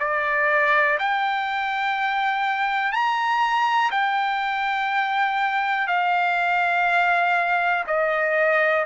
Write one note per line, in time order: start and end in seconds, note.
0.00 0.98 D5
1.00 2.93 G5
2.93 3.91 A#5
3.92 5.88 G5
5.88 7.85 F5
7.87 8.86 D#5